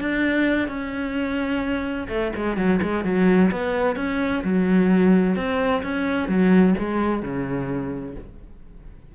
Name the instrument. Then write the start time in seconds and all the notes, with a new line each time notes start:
cello
0.00 D4
0.67 C#4
2.08 A3
2.36 G#3
2.56 F#3
2.82 G#3
3.04 F#3
3.51 B3
3.96 C#4
4.43 F#3
5.36 C4
5.82 C#4
6.28 F#3
6.78 G#3
7.22 C#3